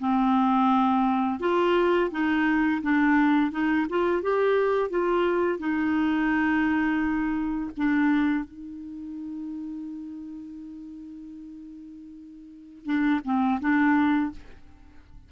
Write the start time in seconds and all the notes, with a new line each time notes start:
0.00 C4
1.41 F4
2.11 D#4
2.83 D4
3.52 D#4
3.90 F4
4.23 G4
4.90 F4
5.59 D#4
7.77 D4
8.45 D#4
12.86 D4
13.25 C4
13.61 D4